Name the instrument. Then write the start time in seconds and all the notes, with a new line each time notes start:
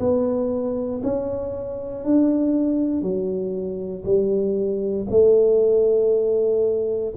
tuba
0.00 B3
1.04 C#4
2.04 D4
3.02 F#3
4.05 G3
5.10 A3